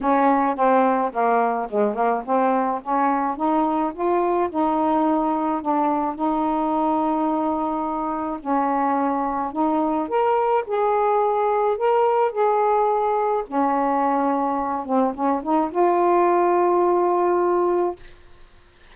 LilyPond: \new Staff \with { instrumentName = "saxophone" } { \time 4/4 \tempo 4 = 107 cis'4 c'4 ais4 gis8 ais8 | c'4 cis'4 dis'4 f'4 | dis'2 d'4 dis'4~ | dis'2. cis'4~ |
cis'4 dis'4 ais'4 gis'4~ | gis'4 ais'4 gis'2 | cis'2~ cis'8 c'8 cis'8 dis'8 | f'1 | }